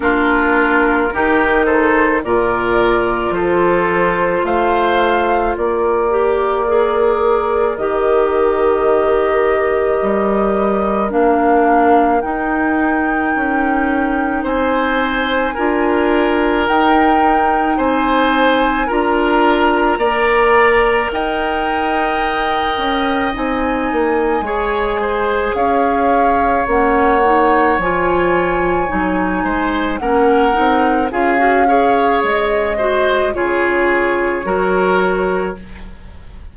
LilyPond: <<
  \new Staff \with { instrumentName = "flute" } { \time 4/4 \tempo 4 = 54 ais'4. c''8 d''4 c''4 | f''4 d''2 dis''4~ | dis''2 f''4 g''4~ | g''4 gis''2 g''4 |
gis''4 ais''2 g''4~ | g''4 gis''2 f''4 | fis''4 gis''2 fis''4 | f''4 dis''4 cis''2 | }
  \new Staff \with { instrumentName = "oboe" } { \time 4/4 f'4 g'8 a'8 ais'4 a'4 | c''4 ais'2.~ | ais'1~ | ais'4 c''4 ais'2 |
c''4 ais'4 d''4 dis''4~ | dis''2 cis''8 c''8 cis''4~ | cis''2~ cis''8 c''8 ais'4 | gis'8 cis''4 c''8 gis'4 ais'4 | }
  \new Staff \with { instrumentName = "clarinet" } { \time 4/4 d'4 dis'4 f'2~ | f'4. g'8 gis'4 g'4~ | g'2 d'4 dis'4~ | dis'2 f'4 dis'4~ |
dis'4 f'4 ais'2~ | ais'4 dis'4 gis'2 | cis'8 dis'8 f'4 dis'4 cis'8 dis'8 | f'16 fis'16 gis'4 fis'8 f'4 fis'4 | }
  \new Staff \with { instrumentName = "bassoon" } { \time 4/4 ais4 dis4 ais,4 f4 | a4 ais2 dis4~ | dis4 g4 ais4 dis'4 | cis'4 c'4 d'4 dis'4 |
c'4 d'4 ais4 dis'4~ | dis'8 cis'8 c'8 ais8 gis4 cis'4 | ais4 f4 fis8 gis8 ais8 c'8 | cis'4 gis4 cis4 fis4 | }
>>